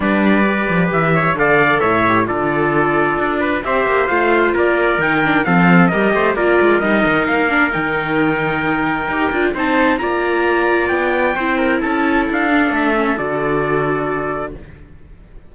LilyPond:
<<
  \new Staff \with { instrumentName = "trumpet" } { \time 4/4 \tempo 4 = 132 d''2 e''4 f''4 | e''4 d''2. | e''4 f''4 d''4 g''4 | f''4 dis''4 d''4 dis''4 |
f''4 g''2.~ | g''4 a''4 ais''2 | g''2 a''4 f''4 | e''4 d''2. | }
  \new Staff \with { instrumentName = "trumpet" } { \time 4/4 b'2~ b'8 cis''8 d''4 | cis''4 a'2~ a'8 b'8 | c''2 ais'2 | a'4 ais'8 c''8 ais'2~ |
ais'1~ | ais'4 c''4 d''2~ | d''4 c''8 ais'8 a'2~ | a'1 | }
  \new Staff \with { instrumentName = "viola" } { \time 4/4 d'4 g'2 a'4~ | a'8 g'8 f'2. | g'4 f'2 dis'8 d'8 | c'4 g'4 f'4 dis'4~ |
dis'8 d'8 dis'2. | g'8 f'8 dis'4 f'2~ | f'4 e'2~ e'8 d'8~ | d'8 cis'8 fis'2. | }
  \new Staff \with { instrumentName = "cello" } { \time 4/4 g4. f8 e4 d4 | a,4 d2 d'4 | c'8 ais8 a4 ais4 dis4 | f4 g8 a8 ais8 gis8 g8 dis8 |
ais4 dis2. | dis'8 d'8 c'4 ais2 | b4 c'4 cis'4 d'4 | a4 d2. | }
>>